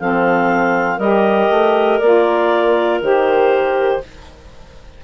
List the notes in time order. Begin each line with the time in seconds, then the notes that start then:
0.00 F3 C4 A4 F5
0.97 G3 G4 A#4 D#5
1.50 A3
1.99 A#3 F4 D5
3.01 D#3 G4 C5